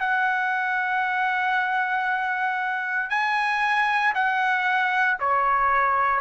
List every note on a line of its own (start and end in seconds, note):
0.00 3.10 F#5
3.10 4.14 G#5
4.15 5.18 F#5
5.20 6.21 C#5